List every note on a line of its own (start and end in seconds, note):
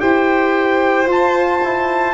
0.00 1.07 E4
0.00 1.07 G4
0.00 2.14 C5
0.00 1.08 G5
1.07 1.60 F4
1.07 2.14 F4
1.07 2.14 A5
1.64 2.14 E4